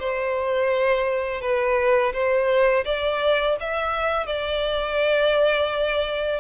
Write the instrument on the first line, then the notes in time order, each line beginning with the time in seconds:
violin
0.00 C5
1.42 B4
2.13 C5
2.85 D5
3.60 E5
4.27 D5